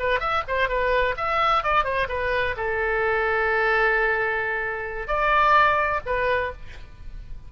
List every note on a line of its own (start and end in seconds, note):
0.00 0.20 B4
0.20 0.44 E5
0.48 0.69 C5
0.69 1.15 B4
1.17 1.64 E5
1.64 1.85 D5
1.85 2.08 C5
2.09 2.56 B4
2.57 5.08 A4
5.08 6.01 D5
6.06 6.52 B4